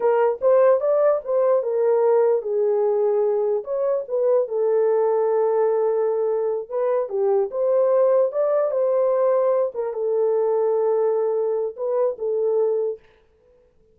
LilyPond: \new Staff \with { instrumentName = "horn" } { \time 4/4 \tempo 4 = 148 ais'4 c''4 d''4 c''4 | ais'2 gis'2~ | gis'4 cis''4 b'4 a'4~ | a'1~ |
a'8 b'4 g'4 c''4.~ | c''8 d''4 c''2~ c''8 | ais'8 a'2.~ a'8~ | a'4 b'4 a'2 | }